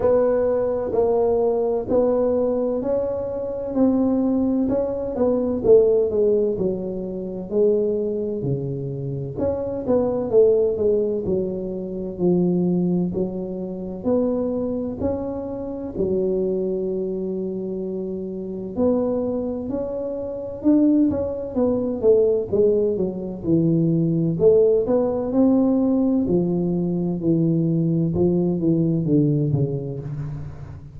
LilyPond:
\new Staff \with { instrumentName = "tuba" } { \time 4/4 \tempo 4 = 64 b4 ais4 b4 cis'4 | c'4 cis'8 b8 a8 gis8 fis4 | gis4 cis4 cis'8 b8 a8 gis8 | fis4 f4 fis4 b4 |
cis'4 fis2. | b4 cis'4 d'8 cis'8 b8 a8 | gis8 fis8 e4 a8 b8 c'4 | f4 e4 f8 e8 d8 cis8 | }